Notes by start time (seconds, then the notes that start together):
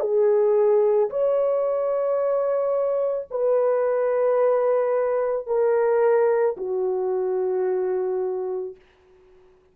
0.00 G#4
1.10 C#5
3.30 B4
5.46 A#4
6.57 F#4